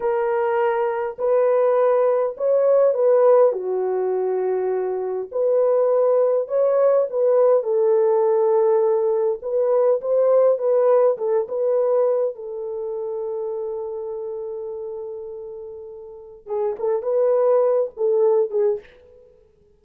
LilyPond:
\new Staff \with { instrumentName = "horn" } { \time 4/4 \tempo 4 = 102 ais'2 b'2 | cis''4 b'4 fis'2~ | fis'4 b'2 cis''4 | b'4 a'2. |
b'4 c''4 b'4 a'8 b'8~ | b'4 a'2.~ | a'1 | gis'8 a'8 b'4. a'4 gis'8 | }